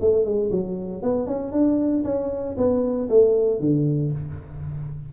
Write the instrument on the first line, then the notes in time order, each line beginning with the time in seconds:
tuba
0.00 A3
0.24 G#3
0.51 F#3
1.02 B3
1.26 C#4
1.52 D4
2.04 C#4
2.57 B3
3.09 A3
3.60 D3